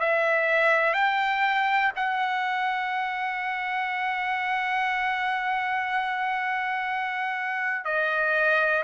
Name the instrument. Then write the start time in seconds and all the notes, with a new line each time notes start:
trumpet
0.00 E5
0.94 G5
1.96 F#5
7.86 D#5